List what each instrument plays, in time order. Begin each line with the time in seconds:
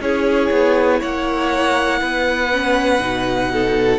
0.00 cello C#4, viola E4, violin G#4 C#5
0.51 cello B3
1.00 cello A#3, violin C#5 F#5
2.01 cello B3, violin B4
2.52 viola C#4
2.99 cello B2, viola D#4
3.53 violin A4